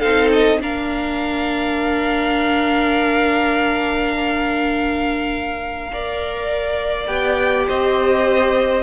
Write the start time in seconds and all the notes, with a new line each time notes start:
0.00 C4 D#4 A4 F5
0.32 D#5
0.60 A#3 D4 A#4 F5
5.93 A#4 D5
7.07 B3 G4 G5
7.68 C4 C5 D#5